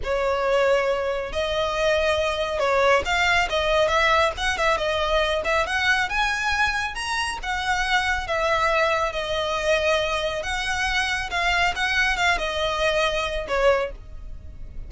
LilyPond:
\new Staff \with { instrumentName = "violin" } { \time 4/4 \tempo 4 = 138 cis''2. dis''4~ | dis''2 cis''4 f''4 | dis''4 e''4 fis''8 e''8 dis''4~ | dis''8 e''8 fis''4 gis''2 |
ais''4 fis''2 e''4~ | e''4 dis''2. | fis''2 f''4 fis''4 | f''8 dis''2~ dis''8 cis''4 | }